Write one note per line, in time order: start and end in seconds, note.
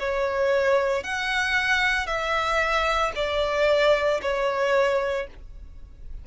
0.00 1.04 C#5
1.04 2.07 F#5
2.07 3.12 E5
3.16 4.21 D5
4.22 5.28 C#5